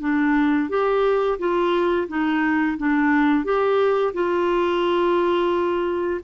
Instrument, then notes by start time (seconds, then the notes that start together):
clarinet
0.00 D4
0.69 G4
1.39 F4
2.08 D#4
2.77 D4
3.44 G4
4.13 F4